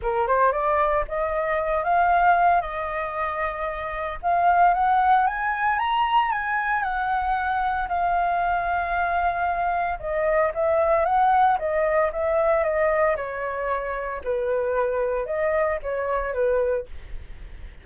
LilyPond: \new Staff \with { instrumentName = "flute" } { \time 4/4 \tempo 4 = 114 ais'8 c''8 d''4 dis''4. f''8~ | f''4 dis''2. | f''4 fis''4 gis''4 ais''4 | gis''4 fis''2 f''4~ |
f''2. dis''4 | e''4 fis''4 dis''4 e''4 | dis''4 cis''2 b'4~ | b'4 dis''4 cis''4 b'4 | }